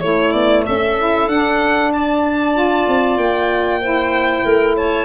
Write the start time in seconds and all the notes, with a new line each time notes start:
0.00 A3 E4 C#5
0.31 B3 D5
0.65 C#4 A4 E5
0.98 E4
1.27 D4 F#5
1.92 D5 A5
2.53 F4
2.88 C4
3.16 A#3 G5
3.81 E4 C5
4.44 A3 A#4
4.76 C#5 A5